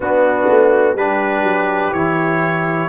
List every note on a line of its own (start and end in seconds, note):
0.00 0.48 B3
0.00 0.97 B3
0.00 0.97 D4
0.00 0.96 F#4
0.49 0.95 A3
0.95 1.43 G3
0.95 1.94 D4
0.95 2.88 G4
0.95 1.93 B4
1.43 1.91 F#3
1.92 2.88 E3
1.92 2.88 E4
1.92 2.88 C#5